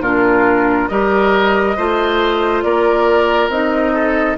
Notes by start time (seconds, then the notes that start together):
0.00 A#2 D4 F4 A#4
0.88 G3 G4 A#4 D#5
1.77 A3 F4 C5
2.62 A#3 A#4 D5
3.48 C4 D#4 D#5
3.93 A4